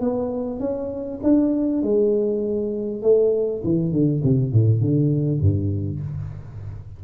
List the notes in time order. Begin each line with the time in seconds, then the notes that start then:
0.00 B3
0.60 C#4
1.23 D4
1.83 G#3
3.02 A3
3.64 E3
3.92 D3
4.23 C3
4.52 A2
4.81 D3
5.40 G2